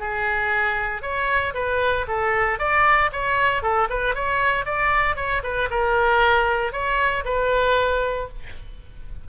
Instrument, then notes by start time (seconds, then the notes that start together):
oboe
0.00 G#4
1.03 C#5
1.55 B4
2.08 A4
2.59 D5
3.13 C#5
3.63 A4
3.90 B4
4.15 C#5
4.66 D5
5.17 C#5
5.44 B4
5.71 A#4
6.73 C#5
7.25 B4